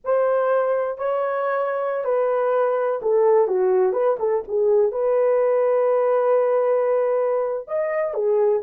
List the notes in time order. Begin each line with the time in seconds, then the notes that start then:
0.04 C5
0.98 C#5
2.04 B4
3.01 A4
3.47 F#4
3.92 B4
4.19 A4
4.48 G#4
4.91 B4
7.67 D#5
8.14 G#4